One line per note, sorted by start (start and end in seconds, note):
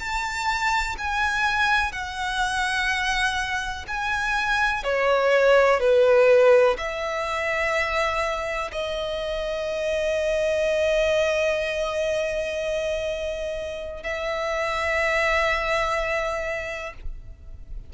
0.00 0.97 A5
0.99 1.92 G#5
1.92 3.86 F#5
3.88 4.84 G#5
4.84 5.81 C#5
5.81 6.77 B4
6.78 8.71 E5
8.72 14.04 D#5
14.04 16.94 E5